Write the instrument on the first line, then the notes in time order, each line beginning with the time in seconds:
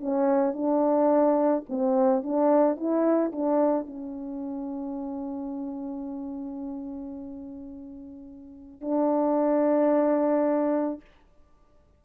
horn
0.00 C#4
0.53 D4
1.69 C4
2.23 D4
2.76 E4
3.32 D4
3.87 C#4
8.81 D4